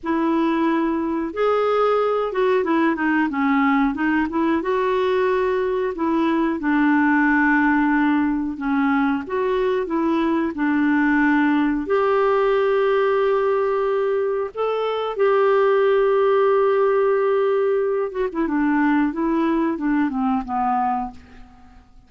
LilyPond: \new Staff \with { instrumentName = "clarinet" } { \time 4/4 \tempo 4 = 91 e'2 gis'4. fis'8 | e'8 dis'8 cis'4 dis'8 e'8 fis'4~ | fis'4 e'4 d'2~ | d'4 cis'4 fis'4 e'4 |
d'2 g'2~ | g'2 a'4 g'4~ | g'2.~ g'8 fis'16 e'16 | d'4 e'4 d'8 c'8 b4 | }